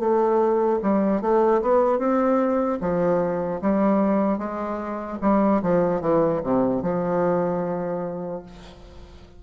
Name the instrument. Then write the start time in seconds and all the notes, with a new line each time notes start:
bassoon
0.00 A3
0.83 G3
1.22 A3
1.62 B3
1.99 C4
2.81 F3
3.62 G3
4.39 G#3
5.22 G3
5.63 F3
6.01 E3
6.44 C3
6.83 F3